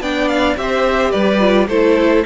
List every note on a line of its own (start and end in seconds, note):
0.00 0.56 B3
0.00 0.57 D4
0.00 0.58 D5
0.00 0.28 G5
0.28 0.56 F5
0.56 1.12 C4
0.56 1.40 G4
0.56 1.11 C5
0.56 1.11 E5
1.11 1.68 G3
1.11 1.67 B4
1.11 1.67 D5
1.40 1.68 F4
1.68 2.24 A3
1.68 2.25 E4
1.68 2.25 A4
1.68 2.25 C5